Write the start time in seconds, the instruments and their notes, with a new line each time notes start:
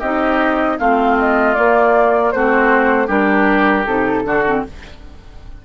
0.00 bassoon C4, clarinet D#4, oboe G4, flute D#5
0.79 bassoon A3, clarinet C4, oboe F4, flute F5
1.18 flute D#5
1.55 clarinet A#3, bassoon A#3, flute D5
2.32 bassoon A3, clarinet C4, oboe F#4, flute C5
3.08 bassoon G3, clarinet D4, oboe G4, flute A#4
3.86 bassoon C3, clarinet D#4, flute A4
4.24 bassoon D3, clarinet D4, oboe F#4
4.46 clarinet C4